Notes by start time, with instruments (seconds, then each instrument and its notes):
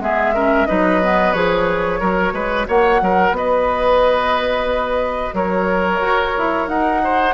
0.00 bassoon G#3, clarinet B3, oboe G#4, flute E5
0.34 clarinet C#4, oboe A#4
0.67 bassoon F#3, clarinet D#4, oboe B4, flute D#5
1.03 clarinet B3
1.33 bassoon F3, clarinet G#4, flute C#5
2.00 bassoon F#3, clarinet F#4, oboe A#4
2.33 bassoon G#3, oboe B4
2.68 bassoon A#3, oboe C#5, flute F#5
3.02 bassoon F#3, oboe A#4
3.32 bassoon B3, oboe B4, flute D#5
5.34 bassoon F#3, oboe A#4, flute C#5
6.01 bassoon F#4
6.38 bassoon E4
6.68 bassoon D#4, flute F#5
7.04 oboe C5